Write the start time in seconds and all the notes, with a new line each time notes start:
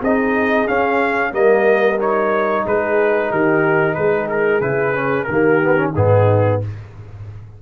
0.00 C4 D#4 G#4 D#5
0.68 C#4 F5
1.32 G3 A#3 A#4 D#5
1.99 D#4 C#5
2.66 G#3 G#4 B4
3.31 D#3 G4 A#4
3.95 G#3 G#4 B4
4.29 A#4
4.61 C#3 E4 B4
4.95 C#4
5.24 D#3 G4 A#4
5.31 A#3
5.62 B3
5.77 C#4
5.93 G#2 B3 D#4 G#4